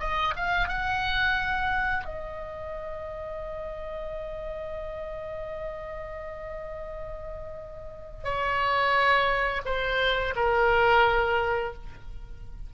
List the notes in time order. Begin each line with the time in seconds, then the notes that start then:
0.00 D#5
0.36 F5
0.68 F#5
2.05 D#5
8.24 C#5
9.66 C5
10.36 A#4